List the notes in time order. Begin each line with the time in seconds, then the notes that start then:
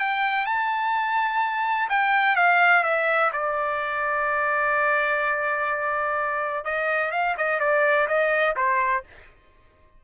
0.00 G5
0.46 A5
1.90 G5
2.36 F5
2.84 E5
3.33 D5
6.65 D#5
7.12 F5
7.38 D#5
7.60 D5
8.08 D#5
8.57 C5